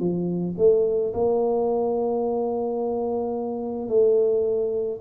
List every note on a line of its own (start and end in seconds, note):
0.00 0.56 F3
0.58 1.13 A3
1.14 3.89 A#3
3.89 5.00 A3